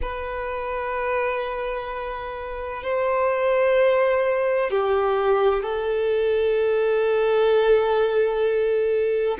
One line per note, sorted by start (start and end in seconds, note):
0.01 2.83 B4
2.83 4.70 C5
4.70 5.62 G4
5.62 9.37 A4